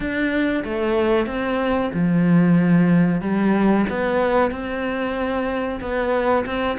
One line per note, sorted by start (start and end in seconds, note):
0.00 0.63 D4
0.64 1.26 A3
1.26 1.90 C4
1.93 3.21 F3
3.21 3.85 G3
3.89 4.51 B3
4.51 5.80 C4
5.80 6.45 B3
6.45 6.77 C4